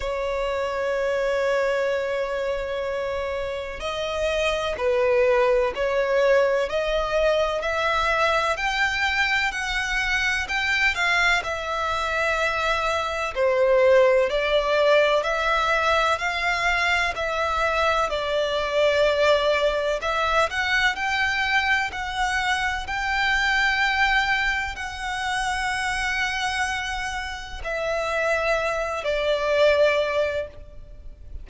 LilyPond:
\new Staff \with { instrumentName = "violin" } { \time 4/4 \tempo 4 = 63 cis''1 | dis''4 b'4 cis''4 dis''4 | e''4 g''4 fis''4 g''8 f''8 | e''2 c''4 d''4 |
e''4 f''4 e''4 d''4~ | d''4 e''8 fis''8 g''4 fis''4 | g''2 fis''2~ | fis''4 e''4. d''4. | }